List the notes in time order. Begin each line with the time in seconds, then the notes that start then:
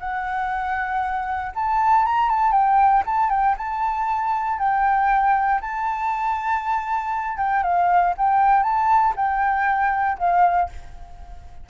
0.00 F#5
1.55 A5
2.06 A#5
2.30 A5
2.52 G5
3.06 A5
3.30 G5
3.58 A5
4.59 G5
5.61 A5
7.38 G5
7.63 F5
8.18 G5
8.63 A5
9.16 G5
10.19 F5